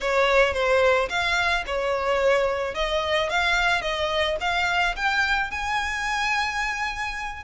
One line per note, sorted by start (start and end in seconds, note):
0.01 0.53 C#5
0.53 1.08 C5
1.09 1.64 F5
1.66 2.74 C#5
2.74 3.29 D#5
3.29 3.81 F5
3.81 4.36 D#5
4.40 4.95 F5
4.96 5.50 G5
5.50 7.43 G#5